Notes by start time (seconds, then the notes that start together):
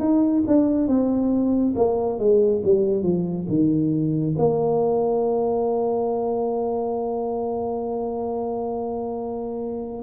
0.00 D#4
0.47 D4
0.88 C4
1.76 A#3
2.19 G#3
2.64 G3
3.03 F3
3.49 D#3
4.38 A#3